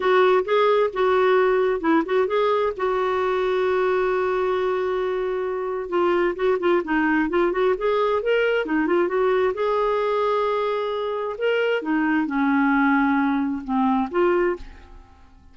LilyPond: \new Staff \with { instrumentName = "clarinet" } { \time 4/4 \tempo 4 = 132 fis'4 gis'4 fis'2 | e'8 fis'8 gis'4 fis'2~ | fis'1~ | fis'4 f'4 fis'8 f'8 dis'4 |
f'8 fis'8 gis'4 ais'4 dis'8 f'8 | fis'4 gis'2.~ | gis'4 ais'4 dis'4 cis'4~ | cis'2 c'4 f'4 | }